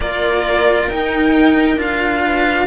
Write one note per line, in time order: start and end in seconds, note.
0.00 0.87 A#3
0.00 0.91 F4
0.00 2.24 A#4
0.00 0.89 D5
0.87 1.76 D#4
0.87 1.77 D#4
0.87 1.78 G5
1.76 2.66 D4
1.76 2.67 F4
1.76 2.67 F5
2.24 2.67 B4